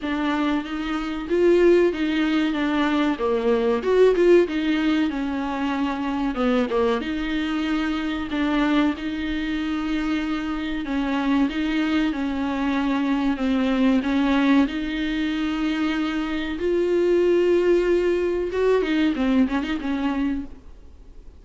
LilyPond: \new Staff \with { instrumentName = "viola" } { \time 4/4 \tempo 4 = 94 d'4 dis'4 f'4 dis'4 | d'4 ais4 fis'8 f'8 dis'4 | cis'2 b8 ais8 dis'4~ | dis'4 d'4 dis'2~ |
dis'4 cis'4 dis'4 cis'4~ | cis'4 c'4 cis'4 dis'4~ | dis'2 f'2~ | f'4 fis'8 dis'8 c'8 cis'16 dis'16 cis'4 | }